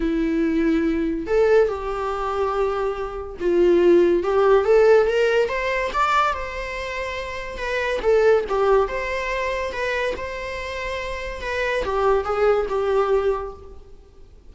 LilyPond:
\new Staff \with { instrumentName = "viola" } { \time 4/4 \tempo 4 = 142 e'2. a'4 | g'1 | f'2 g'4 a'4 | ais'4 c''4 d''4 c''4~ |
c''2 b'4 a'4 | g'4 c''2 b'4 | c''2. b'4 | g'4 gis'4 g'2 | }